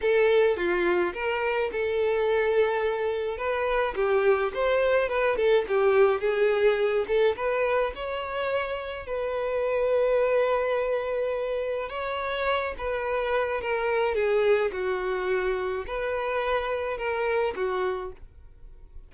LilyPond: \new Staff \with { instrumentName = "violin" } { \time 4/4 \tempo 4 = 106 a'4 f'4 ais'4 a'4~ | a'2 b'4 g'4 | c''4 b'8 a'8 g'4 gis'4~ | gis'8 a'8 b'4 cis''2 |
b'1~ | b'4 cis''4. b'4. | ais'4 gis'4 fis'2 | b'2 ais'4 fis'4 | }